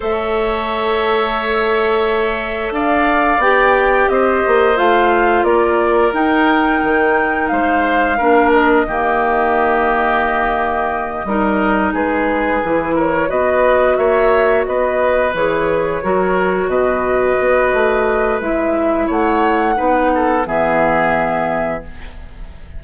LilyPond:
<<
  \new Staff \with { instrumentName = "flute" } { \time 4/4 \tempo 4 = 88 e''1 | f''4 g''4 dis''4 f''4 | d''4 g''2 f''4~ | f''8 dis''2.~ dis''8~ |
dis''4. b'4. cis''8 dis''8~ | dis''8 e''4 dis''4 cis''4.~ | cis''8 dis''2~ dis''8 e''4 | fis''2 e''2 | }
  \new Staff \with { instrumentName = "oboe" } { \time 4/4 cis''1 | d''2 c''2 | ais'2. c''4 | ais'4 g'2.~ |
g'8 ais'4 gis'4. ais'8 b'8~ | b'8 cis''4 b'2 ais'8~ | ais'8 b'2.~ b'8 | cis''4 b'8 a'8 gis'2 | }
  \new Staff \with { instrumentName = "clarinet" } { \time 4/4 a'1~ | a'4 g'2 f'4~ | f'4 dis'2. | d'4 ais2.~ |
ais8 dis'2 e'4 fis'8~ | fis'2~ fis'8 gis'4 fis'8~ | fis'2. e'4~ | e'4 dis'4 b2 | }
  \new Staff \with { instrumentName = "bassoon" } { \time 4/4 a1 | d'4 b4 c'8 ais8 a4 | ais4 dis'4 dis4 gis4 | ais4 dis2.~ |
dis8 g4 gis4 e4 b8~ | b8 ais4 b4 e4 fis8~ | fis8 b,4 b8 a4 gis4 | a4 b4 e2 | }
>>